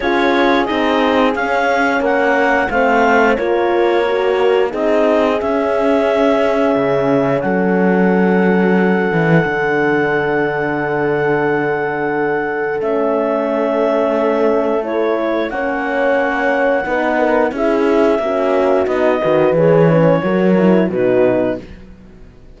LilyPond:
<<
  \new Staff \with { instrumentName = "clarinet" } { \time 4/4 \tempo 4 = 89 cis''4 dis''4 f''4 fis''4 | f''4 cis''2 dis''4 | e''2. fis''4~ | fis''1~ |
fis''2. e''4~ | e''2 cis''4 fis''4~ | fis''2 e''2 | dis''4 cis''2 b'4 | }
  \new Staff \with { instrumentName = "horn" } { \time 4/4 gis'2. ais'4 | c''4 ais'2 gis'4~ | gis'2. a'4~ | a'1~ |
a'1~ | a'2. cis''4~ | cis''4 b'8 ais'8 gis'4 fis'4~ | fis'8 b'4. ais'4 fis'4 | }
  \new Staff \with { instrumentName = "horn" } { \time 4/4 f'4 dis'4 cis'2 | c'4 f'4 fis'4 dis'4 | cis'1~ | cis'2 d'2~ |
d'2. cis'4~ | cis'2 e'4 cis'4~ | cis'4 dis'4 e'4 cis'4 | dis'8 fis'8 gis'8 cis'8 fis'8 e'8 dis'4 | }
  \new Staff \with { instrumentName = "cello" } { \time 4/4 cis'4 c'4 cis'4 ais4 | a4 ais2 c'4 | cis'2 cis4 fis4~ | fis4. e8 d2~ |
d2. a4~ | a2. ais4~ | ais4 b4 cis'4 ais4 | b8 dis8 e4 fis4 b,4 | }
>>